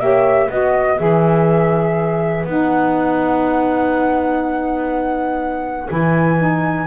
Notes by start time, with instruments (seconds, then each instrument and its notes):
0.00 double bass A#3, saxophone G4, horn C#5, flute E5
0.50 double bass B3, saxophone F#4, horn B4, flute D#5
0.99 double bass E3, saxophone G#4, flute E5
2.45 double bass B3, saxophone D#4, flute F#5
5.88 double bass E3, saxophone E4, flute G#5
6.38 saxophone D#4